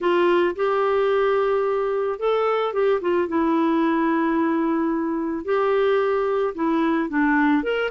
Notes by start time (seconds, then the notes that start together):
0.00 F4
0.55 G4
2.19 A4
2.73 G4
3.01 F4
3.28 E4
5.44 G4
6.54 E4
7.09 D4
7.63 A#4